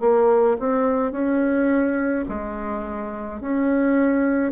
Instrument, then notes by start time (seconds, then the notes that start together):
bassoon
0.00 A#3
0.59 C4
1.11 C#4
2.28 G#3
3.40 C#4